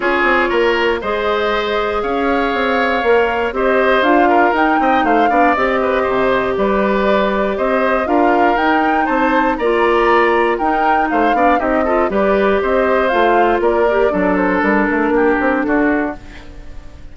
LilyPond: <<
  \new Staff \with { instrumentName = "flute" } { \time 4/4 \tempo 4 = 119 cis''2 dis''2 | f''2. dis''4 | f''4 g''4 f''4 dis''4~ | dis''4 d''2 dis''4 |
f''4 g''4 a''4 ais''4~ | ais''4 g''4 f''4 dis''4 | d''4 dis''4 f''4 d''4~ | d''8 c''8 ais'2 a'4 | }
  \new Staff \with { instrumentName = "oboe" } { \time 4/4 gis'4 ais'4 c''2 | cis''2. c''4~ | c''8 ais'4 dis''8 c''8 d''4 b'8 | c''4 b'2 c''4 |
ais'2 c''4 d''4~ | d''4 ais'4 c''8 d''8 g'8 a'8 | b'4 c''2 ais'4 | a'2 g'4 fis'4 | }
  \new Staff \with { instrumentName = "clarinet" } { \time 4/4 f'2 gis'2~ | gis'2 ais'4 g'4 | f'4 dis'4. d'8 g'4~ | g'1 |
f'4 dis'2 f'4~ | f'4 dis'4. d'8 dis'8 f'8 | g'2 f'4. g'8 | d'1 | }
  \new Staff \with { instrumentName = "bassoon" } { \time 4/4 cis'8 c'8 ais4 gis2 | cis'4 c'4 ais4 c'4 | d'4 dis'8 c'8 a8 b8 c'4 | c4 g2 c'4 |
d'4 dis'4 c'4 ais4~ | ais4 dis'4 a8 b8 c'4 | g4 c'4 a4 ais4 | fis4 g8 a8 ais8 c'8 d'4 | }
>>